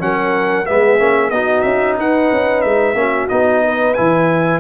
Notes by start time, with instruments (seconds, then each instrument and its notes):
0.00 tuba F#3, trombone C#4, horn A#4, trumpet F#5
0.66 tuba G#3, trombone B3, horn G#4, trumpet E5
0.99 tuba A#3, trombone C#4
1.31 tuba B3, trombone D#4, horn F#4, trumpet D#5
1.61 tuba C#4, trumpet E5
1.98 tuba D#4, horn B4, trumpet F#5
2.32 tuba C#4
2.62 tuba G#3, trumpet E5
2.95 tuba A#3, trombone C#4, horn F#4
3.29 tuba B3, trombone D#4, trumpet D#5
3.65 horn B4
3.94 tuba E3, trombone E4, trumpet G#5